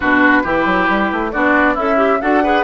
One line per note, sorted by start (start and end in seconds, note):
0.00 0.44 B2
0.00 0.44 D4
0.00 0.42 F#4
0.00 1.31 B4
0.43 0.65 E3
0.43 1.32 E4
0.43 1.31 G4
0.65 0.87 F#3
0.88 1.10 G3
1.11 1.34 A3
1.31 1.76 B3
1.31 1.76 D4
1.31 1.74 F#4
1.31 1.75 D5
1.74 2.20 C#4
1.74 2.18 E4
1.74 1.97 A4
1.74 2.21 E5
1.97 2.19 G4
2.21 2.63 D4
2.21 2.43 F#4
2.21 2.43 A4
2.21 2.63 F#5
2.43 2.63 G#4
2.43 2.63 B4